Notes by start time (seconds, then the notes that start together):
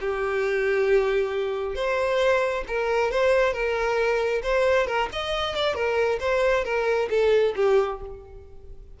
0.00 G4
1.75 C5
2.67 A#4
3.11 C5
3.53 A#4
4.43 C5
4.86 A#4
5.12 D#5
5.55 D5
5.74 A#4
6.20 C5
6.64 A#4
7.10 A4
7.56 G4